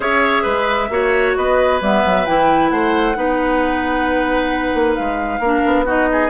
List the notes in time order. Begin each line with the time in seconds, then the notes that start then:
0.00 C#4 G#4 C#5 E5
0.42 G#3 B4
0.89 A#3 F#4 C#5
1.35 B3 B4 D#5
1.81 G3 B3 E5
2.04 F#3
2.26 E3 E4 G5
2.69 A3 C5 F#5
3.14 B3 D#4 B4
4.73 A#3
4.94 G#3 F5
5.39 A#3 D4 A#4
5.65 B3
5.85 D#4 F#4 D#5
6.12 G#4